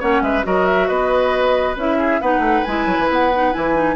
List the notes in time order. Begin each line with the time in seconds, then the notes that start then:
0.00 A#3 C#4 C#5 F#5
0.21 G#3 B4 E5
0.43 F#3 F#4 A#4 D#5
0.66 E5
0.88 B3 B4 D#5
1.76 C#4 E4 E5
1.99 G#4
2.21 B3 D#4 B4 F#5
2.39 A3
2.64 G#3 E4 G#5
2.86 F#3
2.99 E3
3.10 B3 F#5
3.34 D#4
3.52 E3 E4 G#5
3.74 D#4